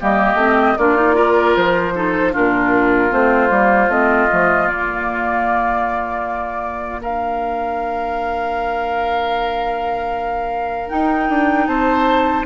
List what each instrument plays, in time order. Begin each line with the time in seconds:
0.00 bassoon G3, clarinet A#3, oboe G4, flute D#5
0.34 bassoon A3, clarinet C4
0.78 bassoon A#3, clarinet D4, oboe F4, flute D5
0.96 clarinet D#4
1.14 clarinet F4, oboe A#4
1.56 bassoon F3, flute C5
1.95 clarinet D#4, oboe A4
2.32 bassoon A#2, clarinet D4, oboe F4, flute A#4
3.10 bassoon A3, clarinet C4, flute C5
3.49 bassoon G3, clarinet A#3
3.88 bassoon A3, clarinet C4, flute D#5
4.31 bassoon F3, clarinet A3
4.67 clarinet A#3, bassoon A#3, flute D5
7.00 clarinet D4, oboe A#4, flute F5
10.89 clarinet D#4, bassoon D#4, flute G5
11.29 bassoon D4
11.67 bassoon C4, oboe C5, flute A5